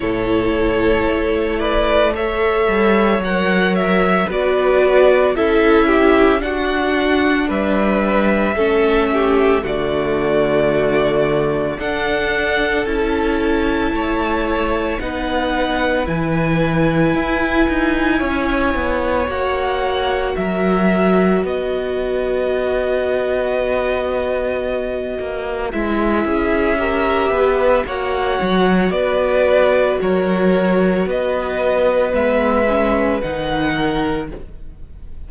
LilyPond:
<<
  \new Staff \with { instrumentName = "violin" } { \time 4/4 \tempo 4 = 56 cis''4. d''8 e''4 fis''8 e''8 | d''4 e''4 fis''4 e''4~ | e''4 d''2 fis''4 | a''2 fis''4 gis''4~ |
gis''2 fis''4 e''4 | dis''1 | e''2 fis''4 d''4 | cis''4 dis''4 e''4 fis''4 | }
  \new Staff \with { instrumentName = "violin" } { \time 4/4 a'4. b'8 cis''2 | b'4 a'8 g'8 fis'4 b'4 | a'8 g'8 fis'2 a'4~ | a'4 cis''4 b'2~ |
b'4 cis''2 ais'4 | b'1~ | b'8 gis'8 ais'8 b'8 cis''4 b'4 | ais'4 b'2~ b'8 ais'8 | }
  \new Staff \with { instrumentName = "viola" } { \time 4/4 e'2 a'4 ais'4 | fis'4 e'4 d'2 | cis'4 a2 d'4 | e'2 dis'4 e'4~ |
e'2 fis'2~ | fis'1 | e'4 g'4 fis'2~ | fis'2 b8 cis'8 dis'4 | }
  \new Staff \with { instrumentName = "cello" } { \time 4/4 a,4 a4. g8 fis4 | b4 cis'4 d'4 g4 | a4 d2 d'4 | cis'4 a4 b4 e4 |
e'8 dis'8 cis'8 b8 ais4 fis4 | b2.~ b8 ais8 | gis8 cis'4 b8 ais8 fis8 b4 | fis4 b4 gis4 dis4 | }
>>